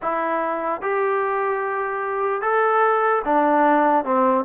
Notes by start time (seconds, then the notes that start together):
0.01 E4
0.81 G4
2.41 A4
3.24 D4
4.04 C4